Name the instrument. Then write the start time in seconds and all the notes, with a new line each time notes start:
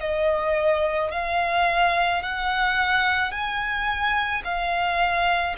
violin
0.00 D#5
1.11 F5
2.22 F#5
3.31 G#5
4.44 F5